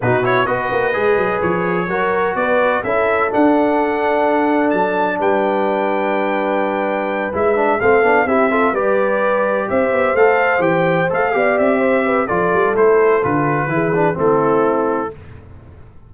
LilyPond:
<<
  \new Staff \with { instrumentName = "trumpet" } { \time 4/4 \tempo 4 = 127 b'8 cis''8 dis''2 cis''4~ | cis''4 d''4 e''4 fis''4~ | fis''2 a''4 g''4~ | g''2.~ g''8 e''8~ |
e''8 f''4 e''4 d''4.~ | d''8 e''4 f''4 g''4 f''8~ | f''8 e''4. d''4 c''4 | b'2 a'2 | }
  \new Staff \with { instrumentName = "horn" } { \time 4/4 fis'4 b'2. | ais'4 b'4 a'2~ | a'2. b'4~ | b'1~ |
b'8 a'4 g'8 a'8 b'4.~ | b'8 c''2.~ c''8 | d''4 c''8 b'8 a'2~ | a'4 gis'4 e'2 | }
  \new Staff \with { instrumentName = "trombone" } { \time 4/4 dis'8 e'8 fis'4 gis'2 | fis'2 e'4 d'4~ | d'1~ | d'2.~ d'8 e'8 |
d'8 c'8 d'8 e'8 f'8 g'4.~ | g'4. a'4 g'4 a'8 | g'2 f'4 e'4 | f'4 e'8 d'8 c'2 | }
  \new Staff \with { instrumentName = "tuba" } { \time 4/4 b,4 b8 ais8 gis8 fis8 f4 | fis4 b4 cis'4 d'4~ | d'2 fis4 g4~ | g2.~ g8 gis8~ |
gis8 a8 b8 c'4 g4.~ | g8 c'8 b8 a4 e4 a8 | b8 c'4. f8 g8 a4 | d4 e4 a2 | }
>>